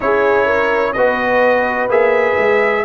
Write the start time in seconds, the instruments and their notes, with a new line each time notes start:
0.00 tuba C#4, trombone E4, horn G#4, trumpet C#5
0.45 horn A#4
0.92 tuba B3, trombone F#4, horn B4, trumpet D#5
1.88 tuba A#3, trombone G#4, trumpet E5
2.38 tuba G#3